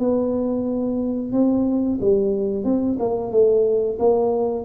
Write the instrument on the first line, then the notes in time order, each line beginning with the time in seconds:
tuba
0.00 B3
1.32 C4
2.01 G3
2.65 C4
3.00 A#3
3.32 A3
3.99 A#3